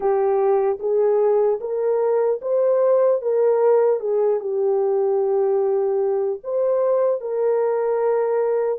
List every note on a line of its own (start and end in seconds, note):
0.00 0.78 G4
0.79 1.59 G#4
1.60 2.40 A#4
2.41 3.21 C5
3.21 4.00 A#4
4.00 4.40 G#4
4.40 6.40 G4
6.43 7.20 C5
7.20 8.79 A#4